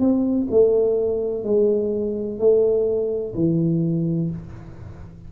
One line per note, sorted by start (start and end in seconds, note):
0.00 0.48 C4
0.51 1.44 A3
1.44 2.39 G#3
2.39 3.35 A3
3.35 4.30 E3